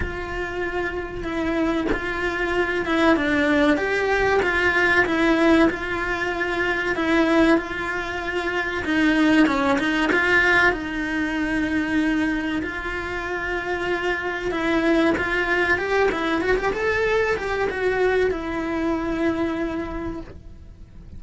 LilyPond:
\new Staff \with { instrumentName = "cello" } { \time 4/4 \tempo 4 = 95 f'2 e'4 f'4~ | f'8 e'8 d'4 g'4 f'4 | e'4 f'2 e'4 | f'2 dis'4 cis'8 dis'8 |
f'4 dis'2. | f'2. e'4 | f'4 g'8 e'8 fis'16 g'16 a'4 g'8 | fis'4 e'2. | }